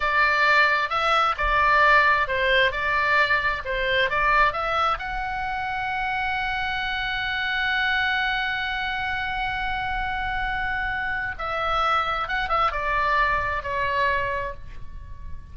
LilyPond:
\new Staff \with { instrumentName = "oboe" } { \time 4/4 \tempo 4 = 132 d''2 e''4 d''4~ | d''4 c''4 d''2 | c''4 d''4 e''4 fis''4~ | fis''1~ |
fis''1~ | fis''1~ | fis''4 e''2 fis''8 e''8 | d''2 cis''2 | }